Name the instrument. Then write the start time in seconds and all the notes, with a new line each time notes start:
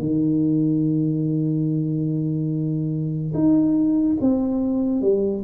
tuba
0.00 D#3
3.34 D#4
4.21 C4
5.02 G3